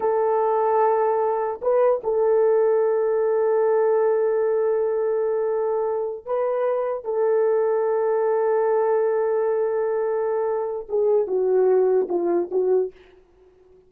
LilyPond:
\new Staff \with { instrumentName = "horn" } { \time 4/4 \tempo 4 = 149 a'1 | b'4 a'2.~ | a'1~ | a'2.~ a'8 b'8~ |
b'4. a'2~ a'8~ | a'1~ | a'2. gis'4 | fis'2 f'4 fis'4 | }